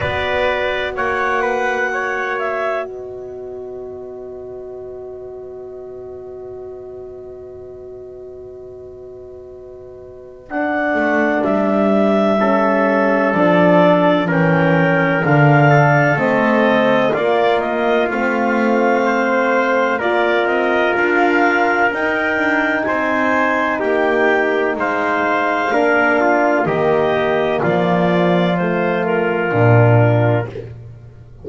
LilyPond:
<<
  \new Staff \with { instrumentName = "clarinet" } { \time 4/4 \tempo 4 = 63 d''4 fis''4. e''8 dis''4~ | dis''1~ | dis''2. fis''4 | e''2 d''4 g''4 |
f''4 dis''4 d''8 dis''8 f''4~ | f''4 d''8 dis''8 f''4 g''4 | gis''4 g''4 f''2 | dis''4 d''4 c''8 ais'4. | }
  \new Staff \with { instrumentName = "trumpet" } { \time 4/4 b'4 cis''8 b'8 cis''4 b'4~ | b'1~ | b'1~ | b'4 a'2 ais'4~ |
ais'8 a'4. f'2 | c''4 ais'2. | c''4 g'4 c''4 ais'8 f'8 | g'4 f'2. | }
  \new Staff \with { instrumentName = "horn" } { \time 4/4 fis'1~ | fis'1~ | fis'2. d'4~ | d'4 cis'4 d'4 cis'4 |
d'4 c'4 ais4 c'4~ | c'4 f'2 dis'4~ | dis'2. d'4 | ais2 a4 d'4 | }
  \new Staff \with { instrumentName = "double bass" } { \time 4/4 b4 ais2 b4~ | b1~ | b2.~ b8 a8 | g2 f4 e4 |
d4 a4 ais4 a4~ | a4 ais8 c'8 d'4 dis'8 d'8 | c'4 ais4 gis4 ais4 | dis4 f2 ais,4 | }
>>